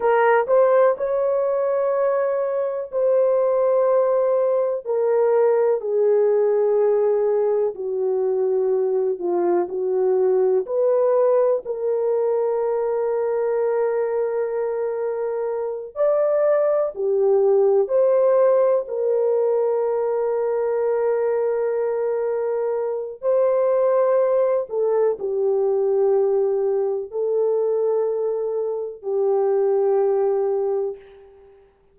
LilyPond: \new Staff \with { instrumentName = "horn" } { \time 4/4 \tempo 4 = 62 ais'8 c''8 cis''2 c''4~ | c''4 ais'4 gis'2 | fis'4. f'8 fis'4 b'4 | ais'1~ |
ais'8 d''4 g'4 c''4 ais'8~ | ais'1 | c''4. a'8 g'2 | a'2 g'2 | }